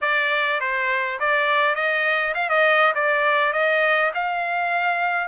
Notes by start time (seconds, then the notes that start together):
0.01 D5
0.60 C5
1.19 D5
1.75 D#5
2.34 F5
2.49 D#5
2.94 D5
3.52 D#5
4.14 F5